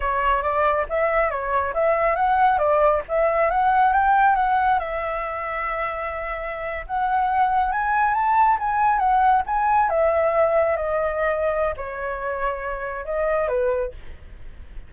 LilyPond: \new Staff \with { instrumentName = "flute" } { \time 4/4 \tempo 4 = 138 cis''4 d''4 e''4 cis''4 | e''4 fis''4 d''4 e''4 | fis''4 g''4 fis''4 e''4~ | e''2.~ e''8. fis''16~ |
fis''4.~ fis''16 gis''4 a''4 gis''16~ | gis''8. fis''4 gis''4 e''4~ e''16~ | e''8. dis''2~ dis''16 cis''4~ | cis''2 dis''4 b'4 | }